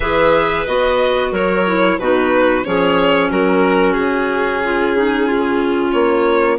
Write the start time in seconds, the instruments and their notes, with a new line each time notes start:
0.00 bassoon E3, clarinet G#4 B4, violin E5
0.66 bassoon B3, clarinet F#4, violin D#5
1.31 bassoon F#3, clarinet A#4, violin C#5
1.66 clarinet E4
1.98 bassoon B2, clarinet D#4 F#4, violin B4
2.64 bassoon F3, clarinet C#4 G#4, violin C#5
3.30 bassoon F#3, clarinet F#4, violin A#4
3.93 bassoon C#3, violin G#4
4.64 clarinet F4
4.97 clarinet D#4
5.27 clarinet F4
5.91 bassoon A#3, violin C#5